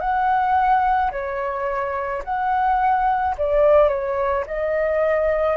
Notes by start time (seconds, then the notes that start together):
0.00 F#5
1.12 C#5
2.24 F#5
3.37 D5
3.88 C#5
4.46 D#5